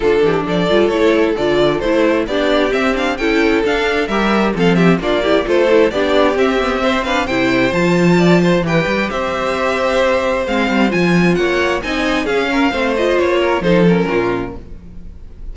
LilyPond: <<
  \new Staff \with { instrumentName = "violin" } { \time 4/4 \tempo 4 = 132 a'4 d''4 cis''4 d''4 | c''4 d''4 e''8 f''8 g''4 | f''4 e''4 f''8 e''8 d''4 | c''4 d''4 e''4. f''8 |
g''4 a''2 g''4 | e''2. f''4 | gis''4 fis''4 gis''4 f''4~ | f''8 dis''8 cis''4 c''8 ais'4. | }
  \new Staff \with { instrumentName = "violin" } { \time 4/4 f'8 g'8 a'2.~ | a'4 g'2 a'4~ | a'4 ais'4 a'8 g'8 f'8 g'8 | a'4 g'2 c''8 b'8 |
c''2 d''8 c''8 b'4 | c''1~ | c''4 cis''4 dis''4 gis'8 ais'8 | c''4. ais'8 a'4 f'4 | }
  \new Staff \with { instrumentName = "viola" } { \time 4/4 d'4. f'8 e'4 f'4 | e'4 d'4 c'8 d'8 e'4 | d'4 g'4 c'4 d'8 e'8 | f'8 e'8 d'4 c'8 b8 c'8 d'8 |
e'4 f'2 g'4~ | g'2. c'4 | f'2 dis'4 cis'4 | c'8 f'4. dis'8 cis'4. | }
  \new Staff \with { instrumentName = "cello" } { \time 4/4 d8 e8 f8 g8 a4 d4 | a4 b4 c'4 cis'4 | d'4 g4 f4 ais4 | a4 b4 c'2 |
c4 f2 e8 g8 | c'2. gis8 g8 | f4 ais4 c'4 cis'4 | a4 ais4 f4 ais,4 | }
>>